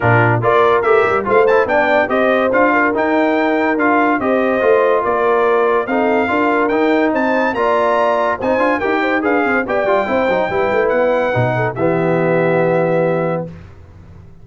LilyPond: <<
  \new Staff \with { instrumentName = "trumpet" } { \time 4/4 \tempo 4 = 143 ais'4 d''4 e''4 f''8 a''8 | g''4 dis''4 f''4 g''4~ | g''4 f''4 dis''2 | d''2 f''2 |
g''4 a''4 ais''2 | gis''4 g''4 f''4 g''4~ | g''2 fis''2 | e''1 | }
  \new Staff \with { instrumentName = "horn" } { \time 4/4 f'4 ais'2 c''4 | d''4 c''4. ais'4.~ | ais'2 c''2 | ais'2 a'4 ais'4~ |
ais'4 c''4 d''2 | c''4 ais'8 c''8 b'8 c''8 d''4 | c''4 b'2~ b'8 a'8 | g'1 | }
  \new Staff \with { instrumentName = "trombone" } { \time 4/4 d'4 f'4 g'4 f'8 e'8 | d'4 g'4 f'4 dis'4~ | dis'4 f'4 g'4 f'4~ | f'2 dis'4 f'4 |
dis'2 f'2 | dis'8 f'8 g'4 gis'4 g'8 f'8 | e'8 dis'8 e'2 dis'4 | b1 | }
  \new Staff \with { instrumentName = "tuba" } { \time 4/4 ais,4 ais4 a8 g8 a4 | b4 c'4 d'4 dis'4~ | dis'4 d'4 c'4 a4 | ais2 c'4 d'4 |
dis'4 c'4 ais2 | c'8 d'8 dis'4 d'8 c'8 b8 g8 | c'8 fis8 g8 a8 b4 b,4 | e1 | }
>>